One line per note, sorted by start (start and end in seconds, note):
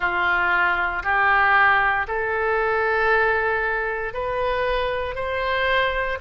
0.00 1.03 F4
1.03 2.06 G4
2.07 4.13 A4
4.13 5.14 B4
5.14 6.18 C5